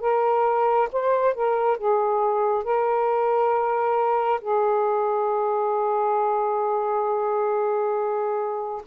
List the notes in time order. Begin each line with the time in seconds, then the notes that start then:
0.00 A#4
0.92 C5
1.34 A#4
1.77 G#4
2.64 A#4
4.40 G#4